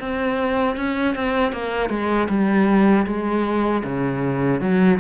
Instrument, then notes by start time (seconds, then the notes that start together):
cello
0.00 C4
0.77 C#4
1.15 C4
1.52 A#3
1.90 G#3
2.29 G3
3.07 G#3
3.84 C#3
4.61 F#3